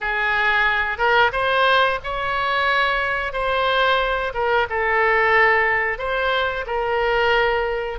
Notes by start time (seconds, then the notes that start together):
0.00 G#4
0.98 A#4
1.32 C5
2.03 C#5
3.32 C5
4.33 A#4
4.69 A4
5.98 C5
6.66 A#4